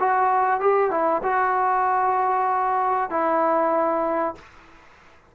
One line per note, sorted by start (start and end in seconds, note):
0.00 0.61 F#4
0.61 0.91 G4
0.91 1.22 E4
1.23 3.10 F#4
3.10 4.35 E4